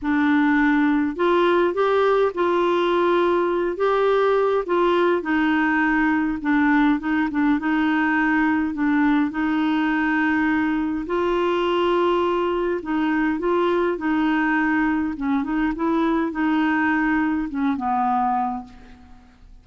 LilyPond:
\new Staff \with { instrumentName = "clarinet" } { \time 4/4 \tempo 4 = 103 d'2 f'4 g'4 | f'2~ f'8 g'4. | f'4 dis'2 d'4 | dis'8 d'8 dis'2 d'4 |
dis'2. f'4~ | f'2 dis'4 f'4 | dis'2 cis'8 dis'8 e'4 | dis'2 cis'8 b4. | }